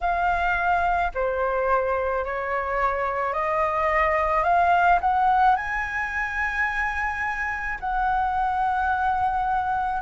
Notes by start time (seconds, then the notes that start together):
0.00 F5
1.14 C5
2.25 C#5
3.33 D#5
4.43 F5
5.01 F#5
5.56 G#5
7.80 F#5